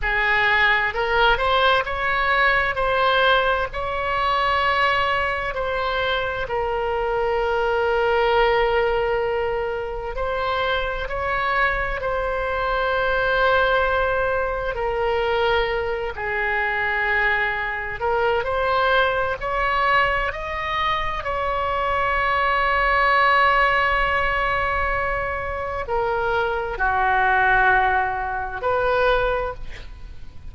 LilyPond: \new Staff \with { instrumentName = "oboe" } { \time 4/4 \tempo 4 = 65 gis'4 ais'8 c''8 cis''4 c''4 | cis''2 c''4 ais'4~ | ais'2. c''4 | cis''4 c''2. |
ais'4. gis'2 ais'8 | c''4 cis''4 dis''4 cis''4~ | cis''1 | ais'4 fis'2 b'4 | }